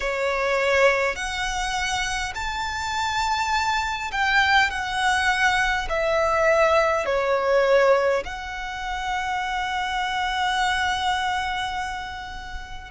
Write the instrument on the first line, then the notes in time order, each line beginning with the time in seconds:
violin
0.00 C#5
1.15 F#5
2.34 A5
4.11 G5
4.70 F#5
5.89 E5
7.05 C#5
8.25 F#5